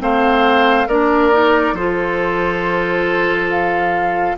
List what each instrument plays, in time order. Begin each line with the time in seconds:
0.00 bassoon A3, clarinet C4, oboe C5, flute F5
0.87 bassoon A#3, clarinet D4, oboe A#4, flute D5
1.32 clarinet D#4
1.73 bassoon F3, clarinet F4, oboe A4, flute C5
3.50 flute F5